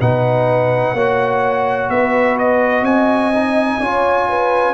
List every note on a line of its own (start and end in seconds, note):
0.00 0.93 B2
0.00 0.96 D#4
0.00 0.95 B4
0.00 1.90 F#5
0.93 1.88 A#3
0.93 3.33 F#4
0.93 1.90 C#5
1.89 2.82 B3
1.89 2.85 B4
1.89 2.37 E5
2.38 2.85 D#5
2.82 3.77 C4
2.82 3.80 D#5
2.82 4.73 G#5
3.33 3.81 D#4
3.79 4.73 C#4
3.79 4.73 F4
3.79 4.28 C#5
4.29 4.73 B4